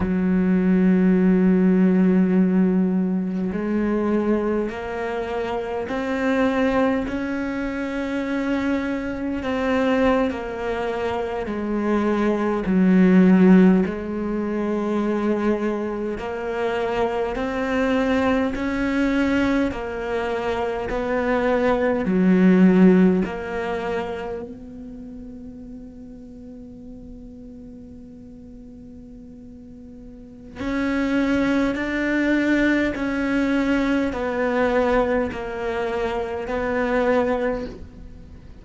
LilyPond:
\new Staff \with { instrumentName = "cello" } { \time 4/4 \tempo 4 = 51 fis2. gis4 | ais4 c'4 cis'2 | c'8. ais4 gis4 fis4 gis16~ | gis4.~ gis16 ais4 c'4 cis'16~ |
cis'8. ais4 b4 fis4 ais16~ | ais8. b2.~ b16~ | b2 cis'4 d'4 | cis'4 b4 ais4 b4 | }